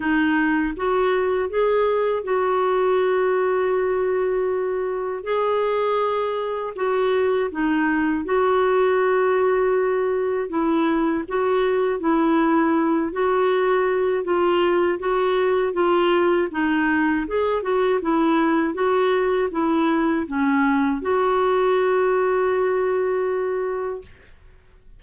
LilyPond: \new Staff \with { instrumentName = "clarinet" } { \time 4/4 \tempo 4 = 80 dis'4 fis'4 gis'4 fis'4~ | fis'2. gis'4~ | gis'4 fis'4 dis'4 fis'4~ | fis'2 e'4 fis'4 |
e'4. fis'4. f'4 | fis'4 f'4 dis'4 gis'8 fis'8 | e'4 fis'4 e'4 cis'4 | fis'1 | }